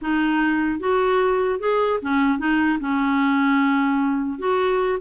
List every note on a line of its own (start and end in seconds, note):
0.01 0.79 D#4
0.79 1.59 F#4
1.59 1.99 G#4
2.02 2.39 C#4
2.39 2.79 D#4
2.80 4.39 C#4
4.39 4.99 F#4